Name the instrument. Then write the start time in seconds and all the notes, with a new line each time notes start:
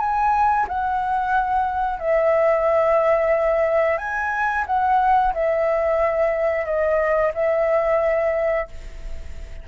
flute
0.00 G#5
0.68 F#5
1.99 E5
3.98 G#5
4.67 F#5
5.34 E5
6.65 D#5
7.34 E5